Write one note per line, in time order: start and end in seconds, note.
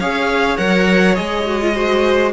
0.00 0.59 C#4
0.00 0.58 G#4
0.00 1.75 C#5
0.00 0.58 F5
0.58 1.18 F#3
0.58 1.15 A#4
0.58 1.16 F#5
1.15 2.33 G#3
1.15 1.44 G#4
1.15 2.32 D#5
1.47 1.62 F#4
1.62 1.74 F4
1.74 2.33 F#4
1.74 2.33 C5